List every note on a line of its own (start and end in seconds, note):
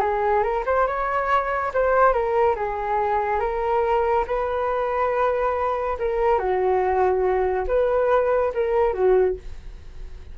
0.00 0.43 G#4
0.43 0.64 A#4
0.66 0.87 C5
0.87 1.72 C#5
1.74 2.13 C5
2.13 2.55 A#4
2.56 3.39 G#4
3.39 4.25 A#4
4.27 5.97 B4
5.99 6.38 A#4
6.38 7.66 F#4
7.67 8.52 B4
8.54 8.93 A#4
8.93 9.36 F#4